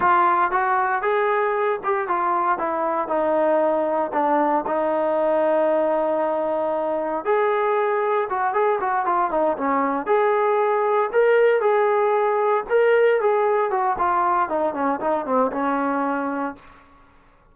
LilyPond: \new Staff \with { instrumentName = "trombone" } { \time 4/4 \tempo 4 = 116 f'4 fis'4 gis'4. g'8 | f'4 e'4 dis'2 | d'4 dis'2.~ | dis'2 gis'2 |
fis'8 gis'8 fis'8 f'8 dis'8 cis'4 gis'8~ | gis'4. ais'4 gis'4.~ | gis'8 ais'4 gis'4 fis'8 f'4 | dis'8 cis'8 dis'8 c'8 cis'2 | }